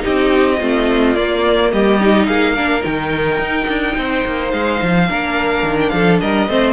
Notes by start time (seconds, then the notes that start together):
0.00 D#4 G4 D#5
0.07 C4
0.60 A3 C4 F4
1.16 A#3 D5
1.72 G3 G4 D#5
2.00 D#4
2.27 A#3 G#4 F5
2.54 D4 A#4
2.81 D#3 D#4 G5
3.39 D#4
3.68 D4
3.97 C4 C5
4.26 A#3
4.51 G#3 F5
4.82 F3
5.09 A#3 D4 A#4
5.63 D#3
5.81 G5
5.90 F3 A4 F5
6.21 G3 A#4 D#5
6.48 A3 C4 C5